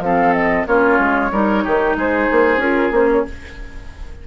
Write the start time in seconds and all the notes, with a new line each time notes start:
0.00 F3 C4 A4 F5
0.34 D#5
0.67 A#3 C#4 F4 C#5
0.99 G#3
1.32 G3 D#4 A#4
1.64 D#3 G4
1.96 G#3 G#4 C5
2.31 A#3
2.57 C#4 F4 A#4
2.91 A#3 C#4 C5
3.11 C#5